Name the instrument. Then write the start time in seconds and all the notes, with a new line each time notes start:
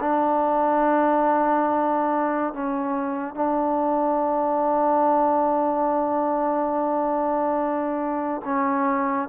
trombone
0.00 D4
2.53 C#4
3.34 D4
8.44 C#4